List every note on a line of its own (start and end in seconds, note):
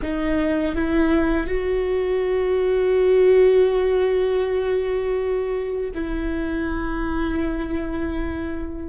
0.02 0.75 D#4
0.75 1.46 E4
1.46 5.91 F#4
5.94 8.89 E4